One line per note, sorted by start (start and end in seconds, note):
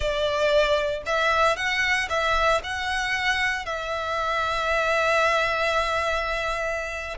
0.00 1.02 D5
1.06 1.56 E5
1.56 2.08 F#5
2.09 2.61 E5
2.63 3.65 F#5
3.65 7.17 E5